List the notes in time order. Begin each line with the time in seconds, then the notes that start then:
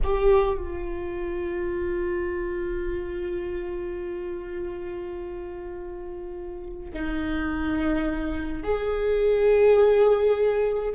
0.03 G4
0.57 F4
6.93 D#4
8.63 G#4